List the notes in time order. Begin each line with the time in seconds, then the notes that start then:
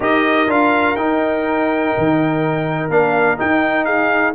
0.00 D#4 G4 A#4 D#5
0.47 D4 F4 F5
0.96 D#4 G5
1.97 D#3
2.89 A#3 D4 F5
3.37 D#4 G5
3.85 G#4 F5